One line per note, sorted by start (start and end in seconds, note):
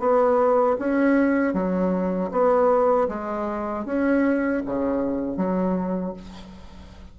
0.00 0.77 B3
0.79 1.54 C#4
1.54 2.31 F#3
2.32 3.09 B3
3.09 3.86 G#3
3.86 4.63 C#4
4.66 5.37 C#3
5.37 6.14 F#3